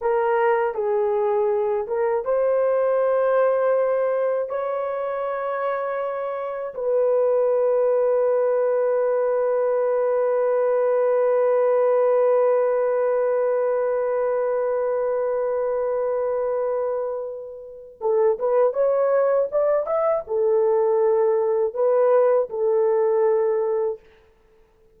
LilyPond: \new Staff \with { instrumentName = "horn" } { \time 4/4 \tempo 4 = 80 ais'4 gis'4. ais'8 c''4~ | c''2 cis''2~ | cis''4 b'2.~ | b'1~ |
b'1~ | b'1 | a'8 b'8 cis''4 d''8 e''8 a'4~ | a'4 b'4 a'2 | }